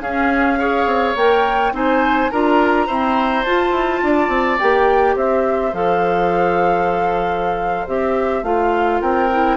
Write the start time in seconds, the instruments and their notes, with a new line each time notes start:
0.00 bassoon C#4, clarinet C#4, oboe G#4, flute F5
0.58 clarinet G#4, oboe C#5
0.85 bassoon C4
1.15 bassoon A#3, clarinet A#4, flute G5
1.72 bassoon C4, clarinet D#4, oboe C5, flute G#5
2.30 bassoon D4, clarinet F4, oboe A#4, flute A#5
2.86 clarinet C4, bassoon E4, oboe C5
3.44 bassoon F4, clarinet F4, flute A5
3.71 bassoon E4
4.02 bassoon D4, oboe D5
4.28 bassoon C4
4.59 bassoon A#3, clarinet G4, flute G5
5.15 bassoon C4, oboe C5, flute E5
5.72 bassoon F3, clarinet A4, flute F5
7.87 bassoon C4, clarinet G4, flute E5
8.43 bassoon A3, clarinet F4, flute F5
9.01 bassoon C4, oboe A#4, flute G5
9.31 clarinet E4